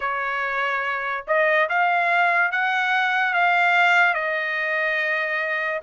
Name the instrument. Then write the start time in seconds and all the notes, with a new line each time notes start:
trumpet
0.00 C#5
1.27 D#5
1.69 F5
2.52 F#5
3.33 F5
4.14 D#5